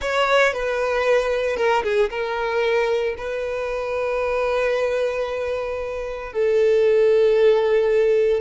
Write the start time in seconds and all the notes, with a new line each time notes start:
0.00 C#5
0.53 B4
1.56 A#4
1.83 G#4
2.10 A#4
3.17 B4
6.32 A4